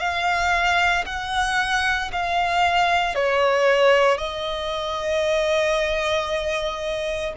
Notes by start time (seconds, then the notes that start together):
0.00 F5
1.06 F#5
2.12 F5
3.15 C#5
4.18 D#5